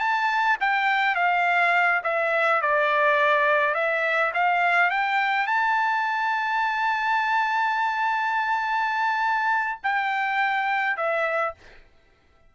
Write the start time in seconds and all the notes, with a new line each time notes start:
0.00 A5
0.61 G5
1.15 F5
2.04 E5
2.62 D5
3.75 E5
4.34 F5
4.91 G5
5.47 A5
9.84 G5
10.97 E5